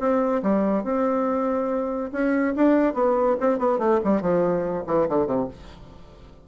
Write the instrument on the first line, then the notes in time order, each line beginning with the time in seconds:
bassoon
0.00 C4
0.43 G3
0.84 C4
2.12 C#4
2.56 D4
2.94 B3
3.41 C4
3.59 B3
3.79 A3
4.04 G3
4.22 F3
4.87 E3
5.09 D3
5.27 C3